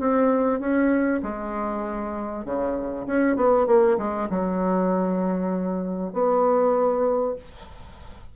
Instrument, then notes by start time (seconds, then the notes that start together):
bassoon
0.00 C4
0.60 C#4
1.23 G#3
2.45 C#3
3.07 C#4
3.36 B3
3.67 A#3
3.98 G#3
4.30 F#3
6.13 B3